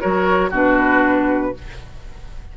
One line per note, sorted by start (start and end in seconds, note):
0.00 0.51 F#3
0.00 0.51 F#4
0.00 0.50 A#4
0.00 0.51 C#5
0.50 1.53 B2
0.50 1.54 D4
0.50 1.52 F#4
0.50 1.57 B4